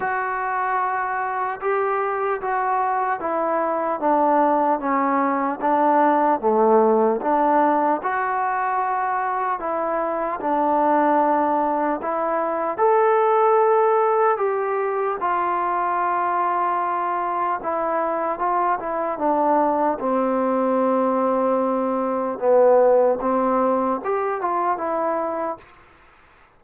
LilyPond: \new Staff \with { instrumentName = "trombone" } { \time 4/4 \tempo 4 = 75 fis'2 g'4 fis'4 | e'4 d'4 cis'4 d'4 | a4 d'4 fis'2 | e'4 d'2 e'4 |
a'2 g'4 f'4~ | f'2 e'4 f'8 e'8 | d'4 c'2. | b4 c'4 g'8 f'8 e'4 | }